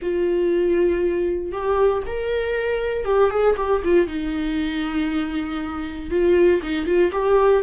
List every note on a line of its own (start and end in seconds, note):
0.02 1.51 F4
1.51 2.02 G4
2.06 3.05 A#4
3.05 3.30 G4
3.30 3.55 G#4
3.57 3.82 G4
3.84 4.07 F4
4.07 6.10 D#4
6.10 6.61 F4
6.62 6.86 D#4
6.86 7.11 F4
7.11 7.62 G4